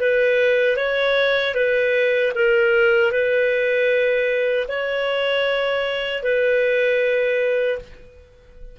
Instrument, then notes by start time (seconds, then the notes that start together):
clarinet
0.00 B4
0.77 C#5
1.55 B4
2.35 A#4
3.12 B4
4.68 C#5
6.23 B4